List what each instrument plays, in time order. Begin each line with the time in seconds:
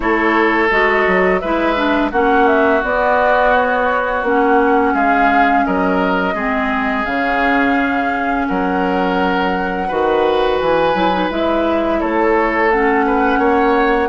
0.00 bassoon A3, clarinet E4, oboe A4, flute C#5
0.70 bassoon G#3, clarinet F#4, flute D#5
1.07 bassoon F#3
1.39 bassoon G#3, clarinet E4, oboe B4, flute E5
1.75 clarinet D4
2.11 bassoon A#3, clarinet C#4, oboe F#4, flute F#5
2.47 flute E5
2.83 clarinet B3, bassoon B3, flute D5
3.54 flute C#5
4.22 bassoon A#3, clarinet C#4, flute F#5
4.93 bassoon G#3, oboe G#4, flute F5
5.65 bassoon F#3, oboe A#4, flute D#5
6.34 bassoon G#3, clarinet C4, oboe G#4
7.05 bassoon C#3, clarinet C#4, flute F5
8.47 bassoon F#3, oboe A#4, flute F#5
9.87 bassoon D#3, clarinet F#4, oboe B4
10.59 bassoon E3, flute G#5
10.94 bassoon F#3, clarinet E4
11.11 clarinet D#4
11.30 bassoon G#3, clarinet E4, flute E5
11.99 bassoon A3, oboe A4, flute C#5
12.71 clarinet C#4, flute F#5
13.06 oboe B4
13.38 bassoon A#3, oboe C#5